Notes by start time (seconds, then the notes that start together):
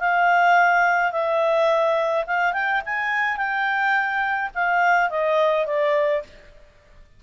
0.00 F5
1.12 E5
2.27 F5
2.53 G5
2.86 G#5
3.37 G5
4.55 F5
5.10 D#5
5.66 D5